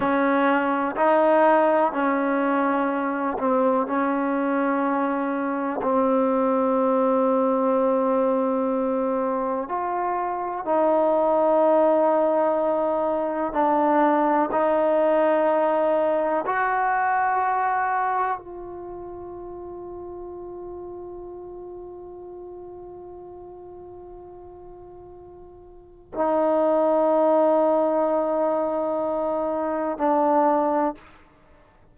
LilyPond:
\new Staff \with { instrumentName = "trombone" } { \time 4/4 \tempo 4 = 62 cis'4 dis'4 cis'4. c'8 | cis'2 c'2~ | c'2 f'4 dis'4~ | dis'2 d'4 dis'4~ |
dis'4 fis'2 f'4~ | f'1~ | f'2. dis'4~ | dis'2. d'4 | }